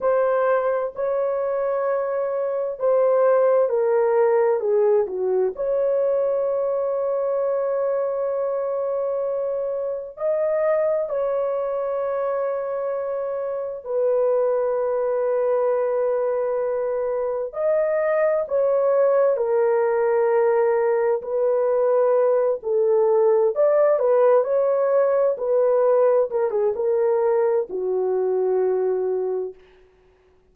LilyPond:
\new Staff \with { instrumentName = "horn" } { \time 4/4 \tempo 4 = 65 c''4 cis''2 c''4 | ais'4 gis'8 fis'8 cis''2~ | cis''2. dis''4 | cis''2. b'4~ |
b'2. dis''4 | cis''4 ais'2 b'4~ | b'8 a'4 d''8 b'8 cis''4 b'8~ | b'8 ais'16 gis'16 ais'4 fis'2 | }